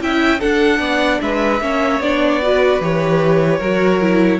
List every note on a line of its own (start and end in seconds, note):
0.00 0.40 C#4
0.00 0.40 E4
0.00 0.39 E5
0.00 0.40 G5
0.39 1.60 D4
0.39 0.79 D4
0.39 0.79 A4
0.39 1.20 F#5
0.79 1.19 B3
0.79 1.20 D5
1.21 1.60 G#3
1.21 1.62 B4
1.21 2.01 E5
1.60 2.00 A#3
1.60 2.01 C#4
1.60 2.42 C#5
2.00 2.80 B3
2.00 2.42 D4
2.00 2.81 D5
2.42 2.81 F#4
2.42 3.58 B4
2.80 3.60 E3
2.80 3.61 G4
2.80 4.40 C#5
3.58 4.40 F#3
3.58 4.01 F#4
3.58 4.38 A#4
4.01 4.40 E4